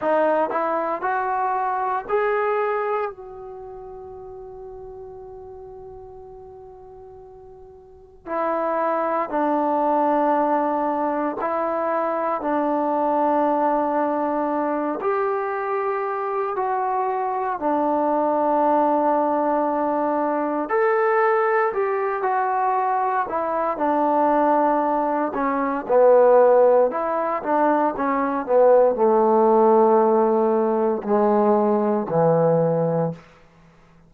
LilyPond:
\new Staff \with { instrumentName = "trombone" } { \time 4/4 \tempo 4 = 58 dis'8 e'8 fis'4 gis'4 fis'4~ | fis'1 | e'4 d'2 e'4 | d'2~ d'8 g'4. |
fis'4 d'2. | a'4 g'8 fis'4 e'8 d'4~ | d'8 cis'8 b4 e'8 d'8 cis'8 b8 | a2 gis4 e4 | }